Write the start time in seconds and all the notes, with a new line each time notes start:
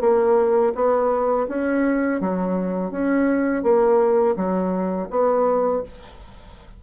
0.00 A#3
0.75 B3
1.48 C#4
2.20 F#3
2.91 C#4
3.63 A#3
4.36 F#3
5.10 B3